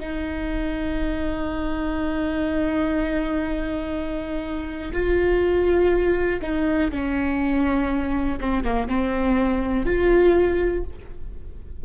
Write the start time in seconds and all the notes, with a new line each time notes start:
0.00 D#4
4.93 F4
6.42 D#4
6.91 C#4
8.41 C4
8.64 A#3
8.88 C4
9.85 F4